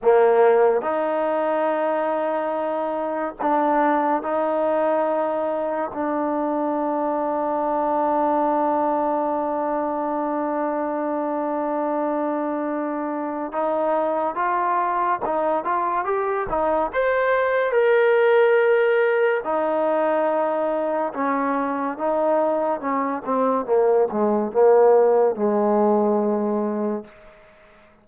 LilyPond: \new Staff \with { instrumentName = "trombone" } { \time 4/4 \tempo 4 = 71 ais4 dis'2. | d'4 dis'2 d'4~ | d'1~ | d'1 |
dis'4 f'4 dis'8 f'8 g'8 dis'8 | c''4 ais'2 dis'4~ | dis'4 cis'4 dis'4 cis'8 c'8 | ais8 gis8 ais4 gis2 | }